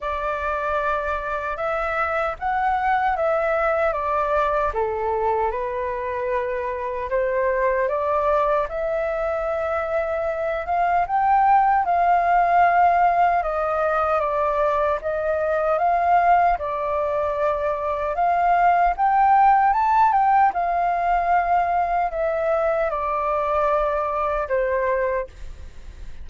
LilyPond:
\new Staff \with { instrumentName = "flute" } { \time 4/4 \tempo 4 = 76 d''2 e''4 fis''4 | e''4 d''4 a'4 b'4~ | b'4 c''4 d''4 e''4~ | e''4. f''8 g''4 f''4~ |
f''4 dis''4 d''4 dis''4 | f''4 d''2 f''4 | g''4 a''8 g''8 f''2 | e''4 d''2 c''4 | }